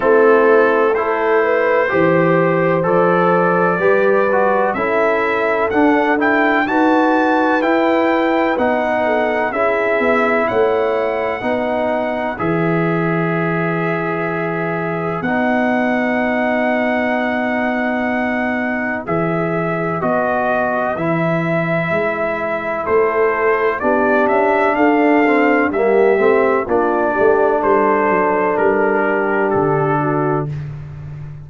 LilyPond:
<<
  \new Staff \with { instrumentName = "trumpet" } { \time 4/4 \tempo 4 = 63 a'4 c''2 d''4~ | d''4 e''4 fis''8 g''8 a''4 | g''4 fis''4 e''4 fis''4~ | fis''4 e''2. |
fis''1 | e''4 dis''4 e''2 | c''4 d''8 e''8 f''4 e''4 | d''4 c''4 ais'4 a'4 | }
  \new Staff \with { instrumentName = "horn" } { \time 4/4 e'4 a'8 b'8 c''2 | b'4 a'2 b'4~ | b'4. a'8 gis'4 cis''4 | b'1~ |
b'1~ | b'1 | a'4 g'4 a'4 g'4 | f'8 g'8 a'4. g'4 fis'8 | }
  \new Staff \with { instrumentName = "trombone" } { \time 4/4 c'4 e'4 g'4 a'4 | g'8 fis'8 e'4 d'8 e'8 fis'4 | e'4 dis'4 e'2 | dis'4 gis'2. |
dis'1 | gis'4 fis'4 e'2~ | e'4 d'4. c'8 ais8 c'8 | d'1 | }
  \new Staff \with { instrumentName = "tuba" } { \time 4/4 a2 e4 f4 | g4 cis'4 d'4 dis'4 | e'4 b4 cis'8 b8 a4 | b4 e2. |
b1 | e4 b4 e4 gis4 | a4 b8 cis'8 d'4 g8 a8 | ais8 a8 g8 fis8 g4 d4 | }
>>